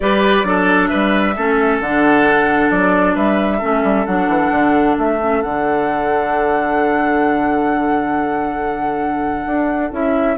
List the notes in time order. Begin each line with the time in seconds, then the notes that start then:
0.00 G3 G4 B4 D5
0.43 F#3 D4 A4
0.86 B4 E5
0.92 G3
1.35 A3 C#4 A4
1.80 D3 D4 F#5
2.70 F#3 D5
3.15 G3 B4 E5
3.57 A3 C#4 A4
3.83 G3
4.05 F#3 D4 F#5
4.28 E3
4.50 D3
4.98 A3 E5
5.21 C#4
5.42 D3 D4 F#5
9.46 D4
9.91 C#4 E4 E5